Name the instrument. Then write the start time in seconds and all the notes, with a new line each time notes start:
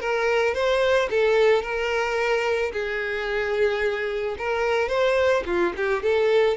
violin
0.00 A#4
0.54 C5
1.10 A4
1.63 A#4
2.73 G#4
4.38 A#4
4.88 C5
5.46 F4
5.77 G4
6.02 A4